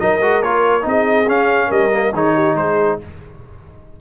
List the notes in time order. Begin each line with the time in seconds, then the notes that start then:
0.00 F#3 D#4 A#4 D#5
0.21 G#3 F#4
0.42 A#3 F4 C#5
0.82 C4 D#4
0.88 G#4 D#5
1.27 C#4 F5
1.67 G3 A#4 D#5
1.92 A#3
2.13 D#3 D#4 G#4 C#5
2.35 G4
2.55 G#3 G#4 C5